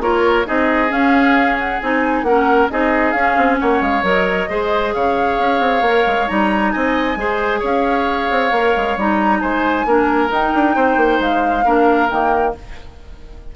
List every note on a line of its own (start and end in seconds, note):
0.00 0.45 A#3
0.00 0.46 F4
0.00 0.47 A#4
0.00 0.47 C#5
0.46 0.91 C4
0.46 0.89 D#4
0.46 2.26 G#4
0.46 0.92 D#5
0.89 1.78 C#4
0.89 1.81 C#4
0.89 1.59 F5
1.59 1.81 F#5
1.82 2.23 C4
1.82 2.27 D#4
1.82 2.23 G#5
2.23 2.68 A#3
2.23 2.71 C#4
2.23 2.72 A#4
2.23 2.68 F#5
2.70 3.14 C4
2.70 3.15 D#4
2.70 3.61 G#4
2.70 3.11 D#5
3.11 3.36 C#4
3.11 4.03 C#4
3.11 3.56 F5
3.37 3.59 C4
3.60 3.81 A#3
3.60 4.50 C#5
3.60 3.82 F#5
3.81 4.03 G#3
3.81 4.04 F5
4.03 4.47 F#3
4.03 4.48 A#4
4.03 4.94 D#5
4.49 4.94 G#3
4.49 5.84 G#4
4.49 4.94 C5
4.94 5.39 C#3
4.94 6.73 C#5
4.94 6.28 F5
5.39 5.60 C#4
5.60 5.82 C4
5.82 6.04 A#3
5.82 6.27 A#4
6.07 6.29 G#3
6.27 6.75 G3
6.27 7.17 D#4
6.27 6.71 A#5
6.71 7.16 C4
6.71 7.18 D#5
6.71 7.61 G#5
7.16 7.61 G#3
7.16 8.51 G#4
7.16 7.60 C5
7.60 8.31 C#4
7.60 9.39 C#5
7.60 8.99 F5
8.31 8.52 C4
8.52 8.74 A#3
8.52 8.99 A#4
8.77 8.97 G#3
8.97 9.42 G3
8.97 9.87 D#4
8.97 9.40 A#5
9.40 9.86 G#3
9.40 9.86 C5
9.40 10.30 G#5
9.86 10.31 A#3
9.86 10.28 D4
9.86 10.76 A#4
10.28 11.63 D#4
10.28 10.53 D#4
10.28 11.21 G5
10.54 10.76 D4
10.76 10.96 C4
10.76 11.65 C5
10.96 11.19 A#3
11.20 11.65 G#3
11.20 12.10 F5
11.65 12.10 A#3
11.65 12.10 D4
11.65 12.55 A#4
12.10 12.56 D#3
12.10 12.56 A#3
12.10 12.55 G5